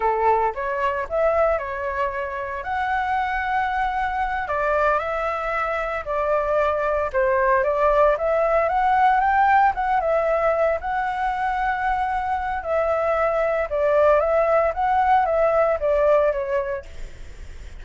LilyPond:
\new Staff \with { instrumentName = "flute" } { \time 4/4 \tempo 4 = 114 a'4 cis''4 e''4 cis''4~ | cis''4 fis''2.~ | fis''8 d''4 e''2 d''8~ | d''4. c''4 d''4 e''8~ |
e''8 fis''4 g''4 fis''8 e''4~ | e''8 fis''2.~ fis''8 | e''2 d''4 e''4 | fis''4 e''4 d''4 cis''4 | }